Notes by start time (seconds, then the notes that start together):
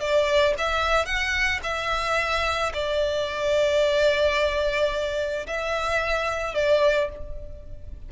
0.00 D5
0.58 E5
1.06 F#5
1.64 E5
2.74 D5
5.47 E5
6.55 D5